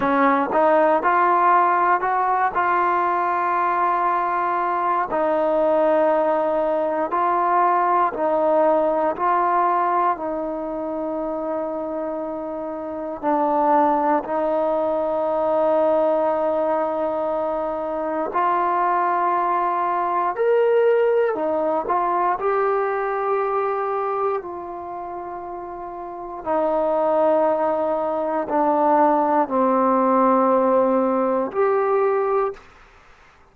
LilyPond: \new Staff \with { instrumentName = "trombone" } { \time 4/4 \tempo 4 = 59 cis'8 dis'8 f'4 fis'8 f'4.~ | f'4 dis'2 f'4 | dis'4 f'4 dis'2~ | dis'4 d'4 dis'2~ |
dis'2 f'2 | ais'4 dis'8 f'8 g'2 | f'2 dis'2 | d'4 c'2 g'4 | }